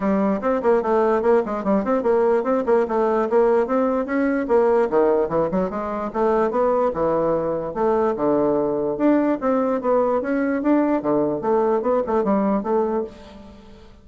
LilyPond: \new Staff \with { instrumentName = "bassoon" } { \time 4/4 \tempo 4 = 147 g4 c'8 ais8 a4 ais8 gis8 | g8 c'8 ais4 c'8 ais8 a4 | ais4 c'4 cis'4 ais4 | dis4 e8 fis8 gis4 a4 |
b4 e2 a4 | d2 d'4 c'4 | b4 cis'4 d'4 d4 | a4 b8 a8 g4 a4 | }